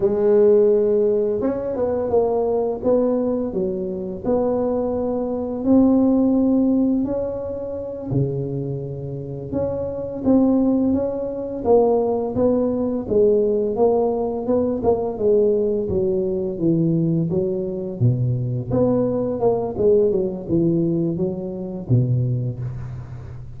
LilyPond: \new Staff \with { instrumentName = "tuba" } { \time 4/4 \tempo 4 = 85 gis2 cis'8 b8 ais4 | b4 fis4 b2 | c'2 cis'4. cis8~ | cis4. cis'4 c'4 cis'8~ |
cis'8 ais4 b4 gis4 ais8~ | ais8 b8 ais8 gis4 fis4 e8~ | e8 fis4 b,4 b4 ais8 | gis8 fis8 e4 fis4 b,4 | }